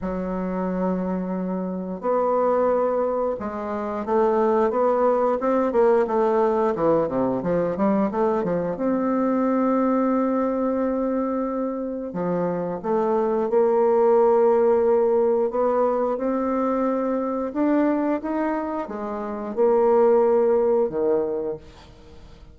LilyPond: \new Staff \with { instrumentName = "bassoon" } { \time 4/4 \tempo 4 = 89 fis2. b4~ | b4 gis4 a4 b4 | c'8 ais8 a4 e8 c8 f8 g8 | a8 f8 c'2.~ |
c'2 f4 a4 | ais2. b4 | c'2 d'4 dis'4 | gis4 ais2 dis4 | }